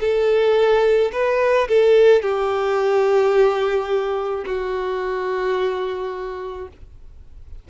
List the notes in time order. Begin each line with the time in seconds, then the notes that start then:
0.00 A4
1.12 B4
1.68 A4
2.22 G4
4.45 F#4